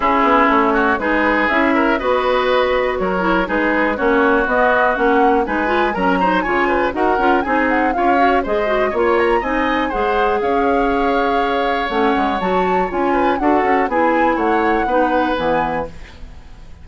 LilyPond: <<
  \new Staff \with { instrumentName = "flute" } { \time 4/4 \tempo 4 = 121 gis'4 cis''4 b'4 e''4 | dis''2 cis''4 b'4 | cis''4 dis''4 fis''4 gis''4 | ais''4 gis''4 fis''4 gis''8 fis''8 |
f''4 dis''4 cis''8 ais''8 gis''4 | fis''4 f''2. | fis''4 a''4 gis''4 fis''4 | gis''4 fis''2 gis''4 | }
  \new Staff \with { instrumentName = "oboe" } { \time 4/4 e'4. fis'8 gis'4. ais'8 | b'2 ais'4 gis'4 | fis'2. b'4 | ais'8 c''8 cis''8 b'8 ais'4 gis'4 |
cis''4 c''4 cis''4 dis''4 | c''4 cis''2.~ | cis''2~ cis''8 b'8 a'4 | gis'4 cis''4 b'2 | }
  \new Staff \with { instrumentName = "clarinet" } { \time 4/4 cis'2 dis'4 e'4 | fis'2~ fis'8 e'8 dis'4 | cis'4 b4 cis'4 dis'8 f'8 | cis'8 dis'8 f'4 fis'8 f'8 dis'4 |
f'8 fis'8 gis'8 fis'8 f'4 dis'4 | gis'1 | cis'4 fis'4 f'4 fis'4 | e'2 dis'4 b4 | }
  \new Staff \with { instrumentName = "bassoon" } { \time 4/4 cis'8 b8 a4 gis4 cis'4 | b2 fis4 gis4 | ais4 b4 ais4 gis4 | fis4 cis4 dis'8 cis'8 c'4 |
cis'4 gis4 ais4 c'4 | gis4 cis'2. | a8 gis8 fis4 cis'4 d'8 cis'8 | b4 a4 b4 e4 | }
>>